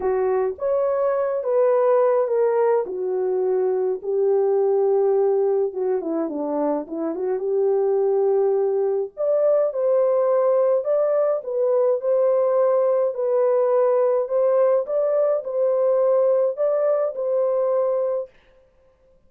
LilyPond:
\new Staff \with { instrumentName = "horn" } { \time 4/4 \tempo 4 = 105 fis'4 cis''4. b'4. | ais'4 fis'2 g'4~ | g'2 fis'8 e'8 d'4 | e'8 fis'8 g'2. |
d''4 c''2 d''4 | b'4 c''2 b'4~ | b'4 c''4 d''4 c''4~ | c''4 d''4 c''2 | }